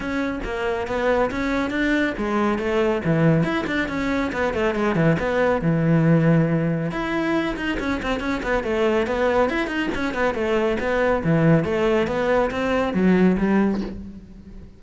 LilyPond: \new Staff \with { instrumentName = "cello" } { \time 4/4 \tempo 4 = 139 cis'4 ais4 b4 cis'4 | d'4 gis4 a4 e4 | e'8 d'8 cis'4 b8 a8 gis8 e8 | b4 e2. |
e'4. dis'8 cis'8 c'8 cis'8 b8 | a4 b4 e'8 dis'8 cis'8 b8 | a4 b4 e4 a4 | b4 c'4 fis4 g4 | }